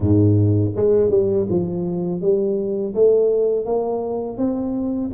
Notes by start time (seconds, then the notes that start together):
0.00 G#2
0.75 G#3
1.10 G3
1.49 F3
2.21 G3
2.94 A3
3.65 A#3
4.37 C4